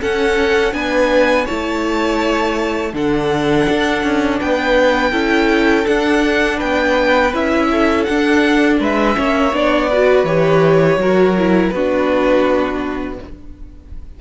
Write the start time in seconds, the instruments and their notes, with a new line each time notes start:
0.00 viola C#4, cello C#4, violin A4 F#5
0.72 cello B3, viola D4, violin B4 G#5
1.45 cello A3, viola E4, violin C#5 A5
2.93 cello D3, viola D4, violin A4 F#5
3.69 cello D4
4.03 cello C#4
4.40 cello B3, violin B4 G5
5.11 cello C#4, viola E4, violin A4
5.85 viola D4, cello D4, violin F#5
6.57 cello B3, violin B4 G5
7.33 cello C#4, viola E4, violin E5
7.71 violin A4
8.04 viola D4, cello D4, violin F#5
8.79 cello G#3, violin B4 E5
9.14 cello A#3, viola C#4, violin C#5
9.53 cello B3, viola D4, violin D5
9.89 viola F#4, violin B4
10.24 cello E3, viola G4, violin C#5
10.97 cello F#3, viola F#4, violin A#4
11.38 viola E4
11.69 cello B3, viola D4, violin F#4 B4